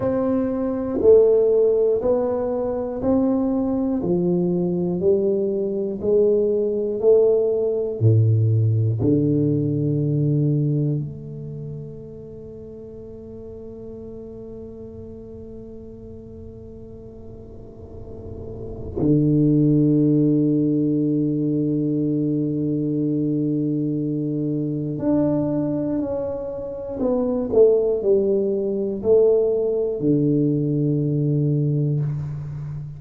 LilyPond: \new Staff \with { instrumentName = "tuba" } { \time 4/4 \tempo 4 = 60 c'4 a4 b4 c'4 | f4 g4 gis4 a4 | a,4 d2 a4~ | a1~ |
a2. d4~ | d1~ | d4 d'4 cis'4 b8 a8 | g4 a4 d2 | }